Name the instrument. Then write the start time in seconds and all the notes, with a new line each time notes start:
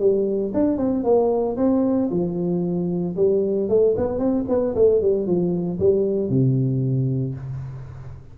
tuba
0.00 G3
0.54 D4
0.78 C4
1.04 A#3
1.57 C4
2.11 F3
3.17 G3
3.69 A3
3.97 B3
4.19 C4
4.49 B3
4.75 A3
5.02 G3
5.27 F3
5.80 G3
6.30 C3